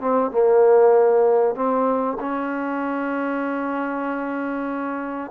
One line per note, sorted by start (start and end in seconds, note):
0.00 0.31 C4
0.31 1.55 A#3
1.55 2.17 C4
2.20 5.31 C#4